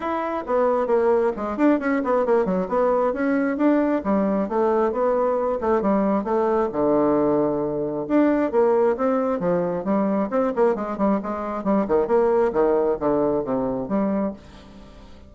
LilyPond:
\new Staff \with { instrumentName = "bassoon" } { \time 4/4 \tempo 4 = 134 e'4 b4 ais4 gis8 d'8 | cis'8 b8 ais8 fis8 b4 cis'4 | d'4 g4 a4 b4~ | b8 a8 g4 a4 d4~ |
d2 d'4 ais4 | c'4 f4 g4 c'8 ais8 | gis8 g8 gis4 g8 dis8 ais4 | dis4 d4 c4 g4 | }